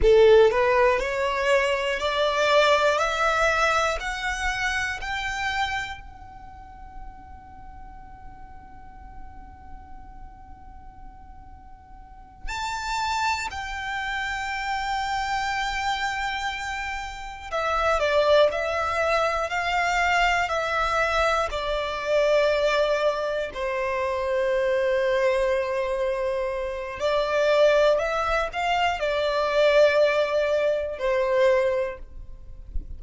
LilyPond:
\new Staff \with { instrumentName = "violin" } { \time 4/4 \tempo 4 = 60 a'8 b'8 cis''4 d''4 e''4 | fis''4 g''4 fis''2~ | fis''1~ | fis''8 a''4 g''2~ g''8~ |
g''4. e''8 d''8 e''4 f''8~ | f''8 e''4 d''2 c''8~ | c''2. d''4 | e''8 f''8 d''2 c''4 | }